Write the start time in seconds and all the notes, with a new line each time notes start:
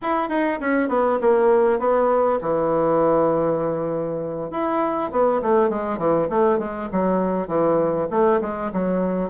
0.01 E4
0.29 D#4
0.60 C#4
0.88 B3
1.21 A#3
1.79 B3
2.41 E3
4.51 E4
5.11 B3
5.42 A3
5.69 G#3
5.98 E3
6.29 A3
6.58 G#3
6.92 F#3
7.47 E3
8.10 A3
8.41 G#3
8.72 F#3